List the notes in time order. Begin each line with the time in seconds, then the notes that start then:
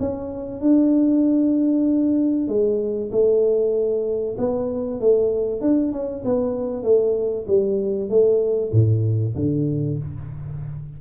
0.00 C#4
0.61 D4
2.48 G#3
3.12 A3
4.38 B3
5.01 A3
5.61 D4
5.93 C#4
6.25 B3
6.84 A3
7.48 G3
8.10 A3
8.73 A2
9.36 D3